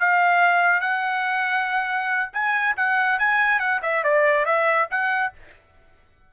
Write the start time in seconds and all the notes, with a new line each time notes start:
0.00 F5
0.81 F#5
2.33 G#5
2.77 F#5
3.19 G#5
3.59 F#5
3.82 E5
4.04 D5
4.45 E5
4.91 F#5